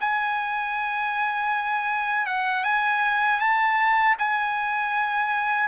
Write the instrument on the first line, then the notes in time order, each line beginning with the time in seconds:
trumpet
0.00 G#5
2.26 F#5
2.63 G#5
3.39 A5
4.18 G#5